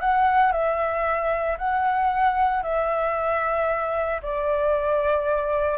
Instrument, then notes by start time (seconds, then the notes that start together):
flute
0.00 F#5
0.52 E5
1.58 F#5
2.63 E5
4.22 D5